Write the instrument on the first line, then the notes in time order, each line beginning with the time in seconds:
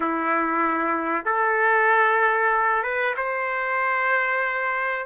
trumpet
0.00 E4
1.25 A4
2.82 B4
3.17 C5